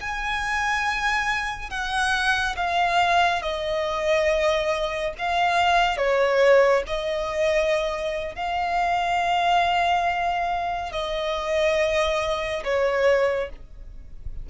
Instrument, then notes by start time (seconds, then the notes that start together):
violin
0.00 G#5
1.69 F#5
2.56 F5
3.42 D#5
5.18 F5
5.97 C#5
6.86 D#5
8.35 F5
10.92 D#5
12.64 C#5